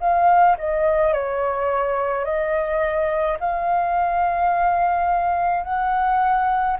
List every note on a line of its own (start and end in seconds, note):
0.00 0.57 F5
0.58 1.13 D#5
1.13 2.24 C#5
2.24 3.38 D#5
3.40 5.64 F5
5.64 6.77 F#5